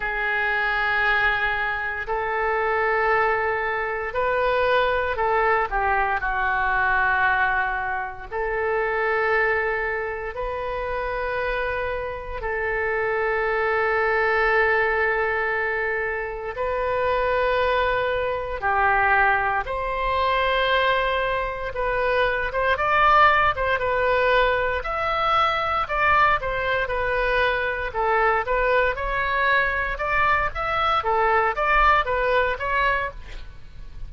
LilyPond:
\new Staff \with { instrumentName = "oboe" } { \time 4/4 \tempo 4 = 58 gis'2 a'2 | b'4 a'8 g'8 fis'2 | a'2 b'2 | a'1 |
b'2 g'4 c''4~ | c''4 b'8. c''16 d''8. c''16 b'4 | e''4 d''8 c''8 b'4 a'8 b'8 | cis''4 d''8 e''8 a'8 d''8 b'8 cis''8 | }